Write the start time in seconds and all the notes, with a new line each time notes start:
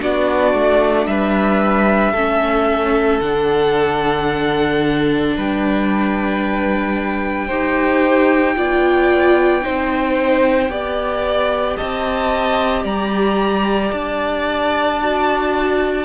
0.00 B3 D4 F#4 D5
0.53 A3
1.06 G3 B4 E5
2.12 A3 C#4 A4
3.20 D3 D4 F#5
5.37 G3 B4 G5
7.47 D#4 G4 C5
8.55 B3 F4 D5
9.61 C4 D#4 C5
10.69 B3 G4 D5
11.76 C4 D#5 A5
12.83 G3 D5 A#5
13.92 D4 A5
15.02 F#4